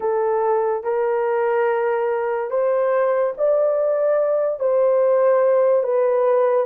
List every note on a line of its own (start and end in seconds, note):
0.00 0.83 A4
0.83 2.50 A#4
2.50 3.33 C5
3.37 4.59 D5
4.59 5.83 C5
5.83 6.66 B4